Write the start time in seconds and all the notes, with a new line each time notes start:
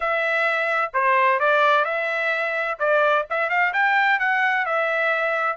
0.00 E5
0.93 C5
1.39 D5
1.85 E5
2.79 D5
3.30 E5
3.49 F5
3.73 G5
4.19 F#5
4.65 E5